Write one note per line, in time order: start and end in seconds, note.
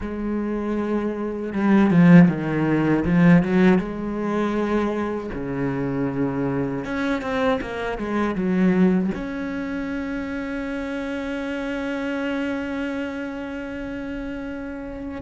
0.00 1.52 G#3
1.53 1.91 G3
1.91 2.28 F3
2.28 3.04 D#3
3.04 3.42 F3
3.42 3.78 F#3
3.78 5.30 G#3
5.34 6.84 C#3
6.84 7.21 C#4
7.21 7.59 C4
7.61 7.98 A#3
7.98 8.35 G#3
8.35 9.11 F#3
9.14 15.21 C#4